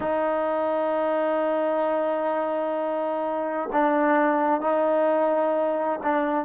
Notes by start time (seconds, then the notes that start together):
0.00 D#4
3.72 D4
4.61 D#4
6.03 D4